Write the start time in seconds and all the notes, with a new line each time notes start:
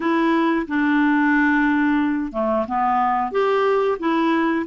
0.00 E4
0.67 D4
2.32 A3
2.67 B3
3.31 G4
3.98 E4